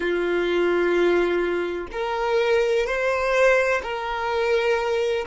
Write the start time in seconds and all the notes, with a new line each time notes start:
0.00 F4
1.91 A#4
2.86 C5
3.83 A#4